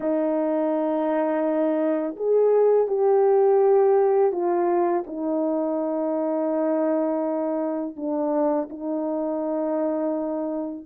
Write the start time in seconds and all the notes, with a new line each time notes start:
0.00 D#4
2.16 G#4
2.87 G4
4.31 F4
5.06 D#4
7.96 D4
8.69 D#4